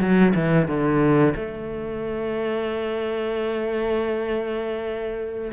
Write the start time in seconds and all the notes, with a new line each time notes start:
0.00 F#3
0.34 E3
0.68 D3
1.35 A3